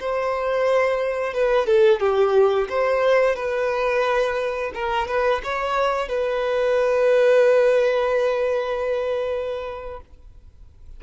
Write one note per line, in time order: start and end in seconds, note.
0.00 1.34 C5
1.34 1.67 B4
1.67 2.00 A4
2.00 2.68 G4
2.69 3.36 C5
3.36 4.72 B4
4.74 5.08 A#4
5.08 5.42 B4
5.44 6.08 C#5
6.08 10.00 B4